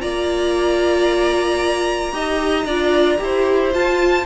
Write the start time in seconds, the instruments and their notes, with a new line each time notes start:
0.00 cello A#3, viola F4, violin D5 A#5
2.12 cello D#4, viola G4, violin D#5
2.65 cello D4, viola F4, violin D5
3.18 cello E4, viola G4, violin C5
3.71 viola F4, cello F4, violin A5